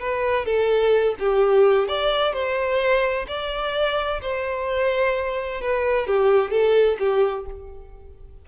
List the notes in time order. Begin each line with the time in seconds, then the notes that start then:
0.00 B4
0.46 A4
1.20 G4
1.89 D5
2.34 C5
3.28 D5
4.22 C5
5.62 B4
6.07 G4
6.51 A4
7.00 G4